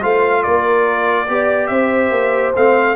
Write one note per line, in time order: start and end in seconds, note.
0.00 0.45 A3
0.00 1.27 F4
0.00 0.42 C5
0.00 0.43 F5
0.43 1.28 A#3
0.43 1.27 A#4
0.43 1.67 D5
1.28 1.69 B3
1.28 2.54 G4
1.28 1.71 D5
1.67 2.11 C4
1.67 2.95 C5
1.67 2.51 E5
2.11 2.53 A#3
2.55 2.95 A3
2.55 2.95 C4
2.55 2.95 F5